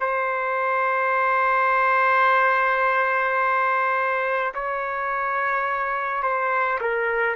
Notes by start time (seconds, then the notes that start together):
0.00 C5
4.54 C#5
6.22 C5
6.81 A#4